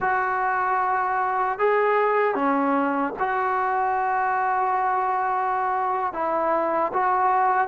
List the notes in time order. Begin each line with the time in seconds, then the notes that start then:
0.00 F#4
1.59 G#4
2.34 C#4
3.19 F#4
6.13 E4
6.93 F#4